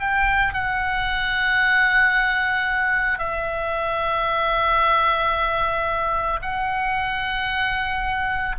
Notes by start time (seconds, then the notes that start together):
0.00 G5
0.53 F#5
3.19 E5
6.41 F#5